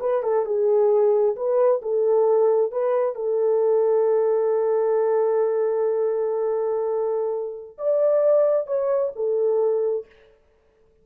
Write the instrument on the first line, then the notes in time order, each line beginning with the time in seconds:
horn
0.00 B4
0.23 A4
0.46 G#4
1.36 B4
1.82 A4
2.72 B4
3.15 A4
7.78 D5
8.67 C#5
9.16 A4